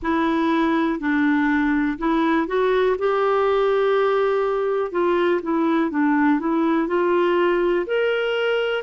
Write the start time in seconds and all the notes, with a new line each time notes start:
0.02 E4
0.99 D4
1.98 E4
2.47 F#4
2.98 G4
4.91 F4
5.42 E4
5.90 D4
6.39 E4
6.87 F4
7.86 A#4